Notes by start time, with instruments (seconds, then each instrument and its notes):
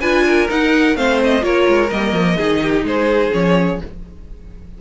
0.00 cello D4, viola F4, violin B4 G#5
0.27 violin A#4
0.48 viola D#4, cello D#4, violin F#5
0.95 cello A3, viola C4, violin C5 F5
1.24 violin D#5
1.41 cello A#3, viola F4, violin A#4 C#5
1.67 cello G#3
1.90 cello G3, viola A#3, violin D#5
2.12 cello F3
2.37 cello D#3, viola D#4, violin G#4
2.62 violin G4
2.83 cello G#3, violin G#4 C5
3.31 cello F3, viola C#4, violin C#5